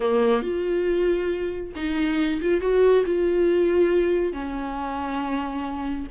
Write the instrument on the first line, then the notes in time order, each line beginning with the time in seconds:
viola
0.00 A#3
0.42 F4
1.75 D#4
2.41 F4
2.60 F#4
3.05 F4
4.32 C#4